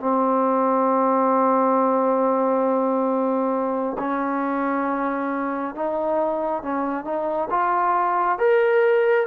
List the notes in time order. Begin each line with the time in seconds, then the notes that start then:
0.00 C4
3.99 C#4
5.75 D#4
6.63 C#4
7.05 D#4
7.50 F4
8.39 A#4